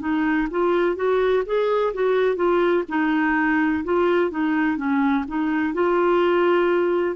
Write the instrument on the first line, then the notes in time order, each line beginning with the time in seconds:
clarinet
0.00 D#4
0.51 F4
0.96 F#4
1.46 G#4
1.94 F#4
2.36 F4
2.89 D#4
3.84 F4
4.31 D#4
4.77 C#4
5.28 D#4
5.74 F4